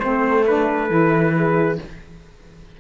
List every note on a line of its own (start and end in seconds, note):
0.00 0.90 A3
0.00 0.45 C4
0.00 1.36 A4
0.00 0.44 C5
0.46 0.88 D4
0.46 1.79 B4
0.88 1.78 E3
0.88 1.77 E4
1.36 1.81 G#4